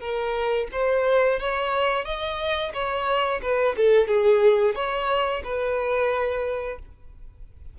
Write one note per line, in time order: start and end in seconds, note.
0.00 0.67 A#4
0.72 1.39 C5
1.39 2.05 C#5
2.05 2.72 D#5
2.73 3.41 C#5
3.42 3.76 B4
3.77 4.08 A4
4.08 4.75 G#4
4.75 5.42 C#5
5.44 6.79 B4